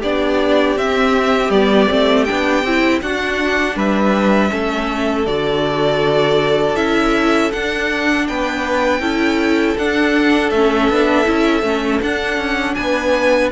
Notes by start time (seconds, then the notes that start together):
0.00 B3 D4 G4 D5
0.77 C4 E5
1.50 G3 B3 D5
1.89 A3 C4
2.25 D4 G5
2.31 B3
2.64 C4 E4
3.02 D4 F#4 F#5
3.76 G3 B4 E5
4.50 A3 C#4 A4
5.27 D3 F#4 D5
6.76 C#4 E4 E5
7.53 D4 F#5
8.28 B3 B4 G5
9.00 C#4 E4 A4
9.78 D4 F#5
10.51 A3 C#4 E5
10.90 B3 D4
11.25 C#4 E4
11.63 A3 C#4
12.02 D4 F#5
12.38 C#4
12.75 B3 B4 G#5